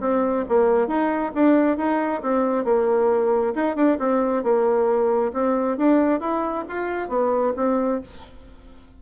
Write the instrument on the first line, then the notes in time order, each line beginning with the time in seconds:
bassoon
0.00 C4
0.48 A#3
0.87 D#4
1.34 D4
1.77 D#4
2.22 C4
2.64 A#3
3.55 D#4
3.75 D4
3.99 C4
4.43 A#3
5.33 C4
5.77 D4
6.20 E4
6.68 F4
7.08 B3
7.56 C4